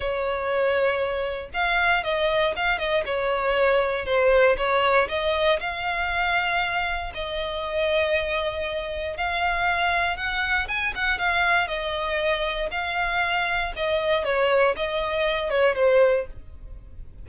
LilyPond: \new Staff \with { instrumentName = "violin" } { \time 4/4 \tempo 4 = 118 cis''2. f''4 | dis''4 f''8 dis''8 cis''2 | c''4 cis''4 dis''4 f''4~ | f''2 dis''2~ |
dis''2 f''2 | fis''4 gis''8 fis''8 f''4 dis''4~ | dis''4 f''2 dis''4 | cis''4 dis''4. cis''8 c''4 | }